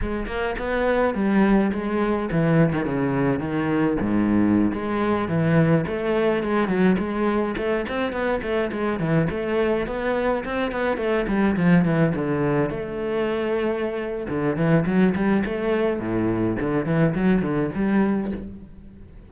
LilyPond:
\new Staff \with { instrumentName = "cello" } { \time 4/4 \tempo 4 = 105 gis8 ais8 b4 g4 gis4 | e8. dis16 cis4 dis4 gis,4~ | gis,16 gis4 e4 a4 gis8 fis16~ | fis16 gis4 a8 c'8 b8 a8 gis8 e16~ |
e16 a4 b4 c'8 b8 a8 g16~ | g16 f8 e8 d4 a4.~ a16~ | a4 d8 e8 fis8 g8 a4 | a,4 d8 e8 fis8 d8 g4 | }